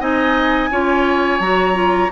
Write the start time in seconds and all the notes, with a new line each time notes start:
0.00 C4 D#4 D#5 G#5
0.71 C#4 F4 C#5
1.40 F#3 F#4 A#5
1.74 F4